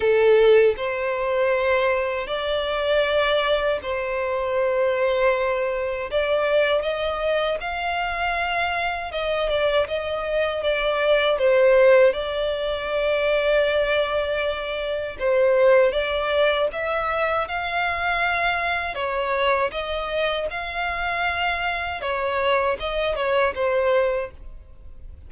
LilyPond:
\new Staff \with { instrumentName = "violin" } { \time 4/4 \tempo 4 = 79 a'4 c''2 d''4~ | d''4 c''2. | d''4 dis''4 f''2 | dis''8 d''8 dis''4 d''4 c''4 |
d''1 | c''4 d''4 e''4 f''4~ | f''4 cis''4 dis''4 f''4~ | f''4 cis''4 dis''8 cis''8 c''4 | }